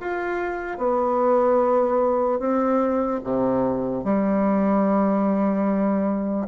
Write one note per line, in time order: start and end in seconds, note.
0.00 0.78 F4
0.78 2.39 B3
2.39 3.20 C4
3.24 4.04 C3
4.04 6.47 G3